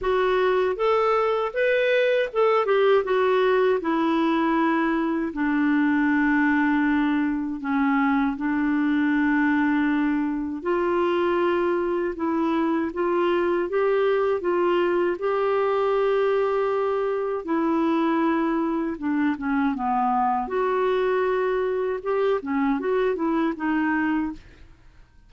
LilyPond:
\new Staff \with { instrumentName = "clarinet" } { \time 4/4 \tempo 4 = 79 fis'4 a'4 b'4 a'8 g'8 | fis'4 e'2 d'4~ | d'2 cis'4 d'4~ | d'2 f'2 |
e'4 f'4 g'4 f'4 | g'2. e'4~ | e'4 d'8 cis'8 b4 fis'4~ | fis'4 g'8 cis'8 fis'8 e'8 dis'4 | }